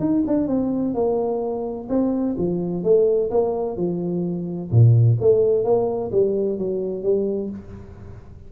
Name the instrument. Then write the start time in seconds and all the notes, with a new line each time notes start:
tuba
0.00 D#4
0.27 D4
0.48 C4
0.94 A#3
1.89 C4
2.38 F3
2.84 A3
3.31 A#3
3.77 F3
4.71 A#2
5.21 A3
5.65 A#3
6.12 G3
6.58 F#3
7.03 G3